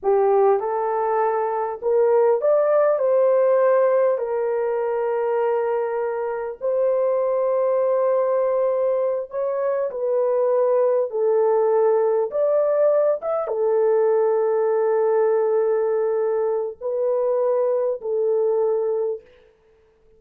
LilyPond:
\new Staff \with { instrumentName = "horn" } { \time 4/4 \tempo 4 = 100 g'4 a'2 ais'4 | d''4 c''2 ais'4~ | ais'2. c''4~ | c''2.~ c''8 cis''8~ |
cis''8 b'2 a'4.~ | a'8 d''4. e''8 a'4.~ | a'1 | b'2 a'2 | }